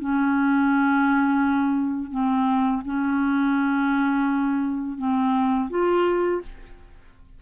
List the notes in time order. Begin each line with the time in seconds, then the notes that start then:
0.00 C#4
2.11 C4
2.85 C#4
4.98 C4
5.70 F4